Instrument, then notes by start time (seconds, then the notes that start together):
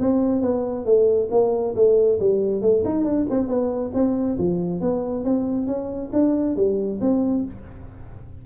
tuba
0.00 C4
0.42 B3
0.85 A3
1.31 A#3
1.75 A3
2.20 G3
2.62 A3
2.85 D#4
3.04 D4
3.30 C4
3.48 B3
3.94 C4
4.38 F3
4.81 B3
5.24 C4
5.67 C#4
6.13 D4
6.56 G3
7.01 C4